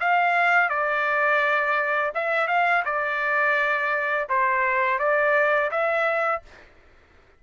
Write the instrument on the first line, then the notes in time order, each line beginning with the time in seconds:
trumpet
0.00 F5
0.69 D5
2.15 E5
2.47 F5
2.85 D5
4.29 C5
4.99 D5
5.71 E5